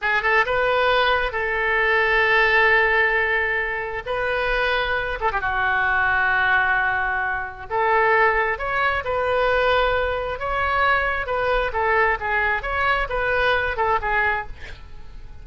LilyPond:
\new Staff \with { instrumentName = "oboe" } { \time 4/4 \tempo 4 = 133 gis'8 a'8 b'2 a'4~ | a'1~ | a'4 b'2~ b'8 a'16 g'16 | fis'1~ |
fis'4 a'2 cis''4 | b'2. cis''4~ | cis''4 b'4 a'4 gis'4 | cis''4 b'4. a'8 gis'4 | }